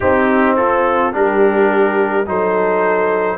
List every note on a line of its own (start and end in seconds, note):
0.00 1.12 C4
0.00 1.15 C4
0.00 0.57 D#4
0.00 0.56 G4
0.56 1.13 F4
0.56 1.13 A4
1.12 2.26 G3
1.12 2.25 D4
1.12 2.27 G4
1.12 2.28 A#4
2.26 3.37 F#3
2.26 3.37 D#4
2.26 3.37 A4
2.26 3.37 C5